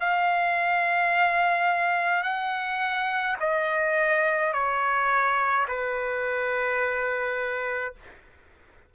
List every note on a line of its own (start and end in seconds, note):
0.00 2.23 F5
2.23 3.37 F#5
3.40 4.53 D#5
4.53 5.67 C#5
5.68 7.95 B4